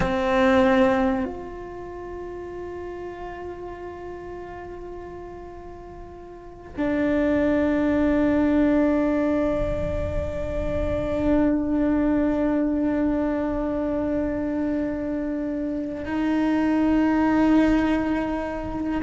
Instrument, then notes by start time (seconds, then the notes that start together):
cello
0.00 C4
1.24 F4
6.77 D4
16.05 D#4